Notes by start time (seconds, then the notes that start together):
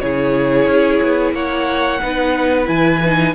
0.00 C#3 E4 G#4 C#5
0.66 C#4
1.02 B3
1.32 A#3 C#5 F#5
2.01 B3 D#4 B4
2.65 E3 E4 G#5
3.04 D#4